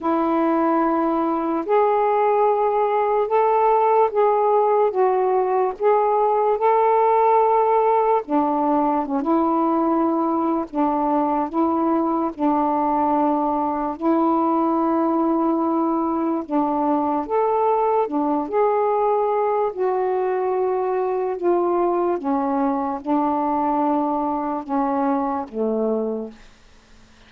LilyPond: \new Staff \with { instrumentName = "saxophone" } { \time 4/4 \tempo 4 = 73 e'2 gis'2 | a'4 gis'4 fis'4 gis'4 | a'2 d'4 cis'16 e'8.~ | e'4 d'4 e'4 d'4~ |
d'4 e'2. | d'4 a'4 d'8 gis'4. | fis'2 f'4 cis'4 | d'2 cis'4 a4 | }